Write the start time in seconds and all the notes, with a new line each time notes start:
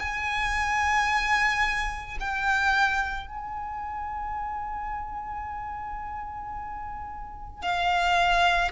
0.00 G#5
2.21 G5
3.28 G#5
7.63 F5